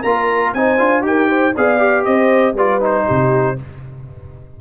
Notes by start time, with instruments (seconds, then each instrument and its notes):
0.00 tuba A#3, trombone F4, horn A#4, trumpet A#5
0.53 tuba C4, trombone D#4, horn C5, trumpet G#5
0.78 tuba D4, trombone F4
1.02 tuba D#4, trombone G4, horn A#4, trumpet G5
1.28 horn C5
1.55 tuba B3, trombone G#4, horn D5, trumpet F5
1.78 trombone G4
2.04 tuba C4, horn C5, trumpet D#5
2.53 tuba G3, trombone F4, horn B4, trumpet D5
2.80 trombone D#4, trumpet C5
3.06 tuba C3, horn G4